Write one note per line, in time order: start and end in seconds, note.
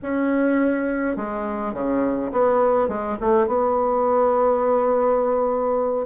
0.02 1.16 C#4
1.16 1.73 G#3
1.73 2.31 C#3
2.32 2.88 B3
2.88 3.17 G#3
3.20 3.47 A3
3.47 6.06 B3